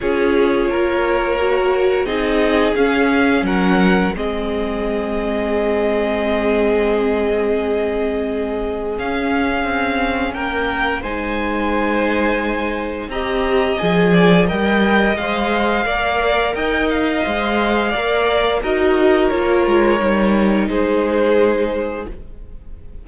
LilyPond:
<<
  \new Staff \with { instrumentName = "violin" } { \time 4/4 \tempo 4 = 87 cis''2. dis''4 | f''4 fis''4 dis''2~ | dis''1~ | dis''4 f''2 g''4 |
gis''2. ais''4 | gis''4 g''4 f''2 | g''8 f''2~ f''8 dis''4 | cis''2 c''2 | }
  \new Staff \with { instrumentName = "violin" } { \time 4/4 gis'4 ais'2 gis'4~ | gis'4 ais'4 gis'2~ | gis'1~ | gis'2. ais'4 |
c''2. dis''4~ | dis''8 d''8 dis''2 d''4 | dis''2 d''4 ais'4~ | ais'2 gis'2 | }
  \new Staff \with { instrumentName = "viola" } { \time 4/4 f'2 fis'4 dis'4 | cis'2 c'2~ | c'1~ | c'4 cis'2. |
dis'2. g'4 | gis'4 ais'4 c''4 ais'4~ | ais'4 c''4 ais'4 fis'4 | f'4 dis'2. | }
  \new Staff \with { instrumentName = "cello" } { \time 4/4 cis'4 ais2 c'4 | cis'4 fis4 gis2~ | gis1~ | gis4 cis'4 c'4 ais4 |
gis2. c'4 | f4 g4 gis4 ais4 | dis'4 gis4 ais4 dis'4 | ais8 gis8 g4 gis2 | }
>>